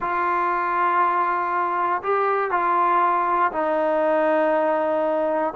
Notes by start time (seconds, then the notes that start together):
0.00 F4
2.02 G4
2.50 F4
3.52 D#4